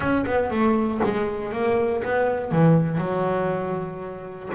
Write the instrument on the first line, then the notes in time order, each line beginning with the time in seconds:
double bass
0.00 C#4
0.26 B3
0.50 A3
1.04 G#3
1.52 A#3
2.03 B3
2.51 E3
2.98 F#3